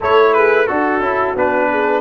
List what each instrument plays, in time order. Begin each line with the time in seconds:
0.00 tuba A3, trombone E4, horn A4, trumpet C#5
0.33 horn G#4, trumpet B4
0.66 tuba D4, trombone F#4, horn F#4, trumpet A4
1.00 tuba C#4, trombone E4
1.36 tuba B3, trombone D4, trumpet B4
1.70 horn G#4